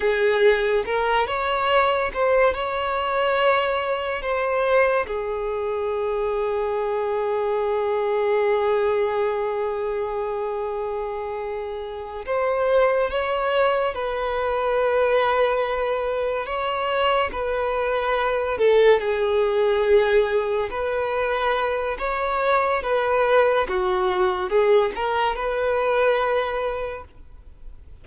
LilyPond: \new Staff \with { instrumentName = "violin" } { \time 4/4 \tempo 4 = 71 gis'4 ais'8 cis''4 c''8 cis''4~ | cis''4 c''4 gis'2~ | gis'1~ | gis'2~ gis'8 c''4 cis''8~ |
cis''8 b'2. cis''8~ | cis''8 b'4. a'8 gis'4.~ | gis'8 b'4. cis''4 b'4 | fis'4 gis'8 ais'8 b'2 | }